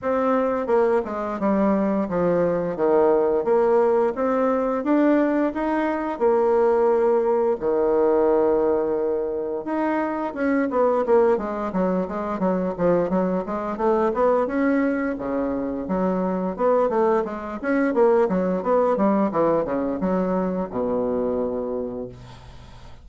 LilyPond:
\new Staff \with { instrumentName = "bassoon" } { \time 4/4 \tempo 4 = 87 c'4 ais8 gis8 g4 f4 | dis4 ais4 c'4 d'4 | dis'4 ais2 dis4~ | dis2 dis'4 cis'8 b8 |
ais8 gis8 fis8 gis8 fis8 f8 fis8 gis8 | a8 b8 cis'4 cis4 fis4 | b8 a8 gis8 cis'8 ais8 fis8 b8 g8 | e8 cis8 fis4 b,2 | }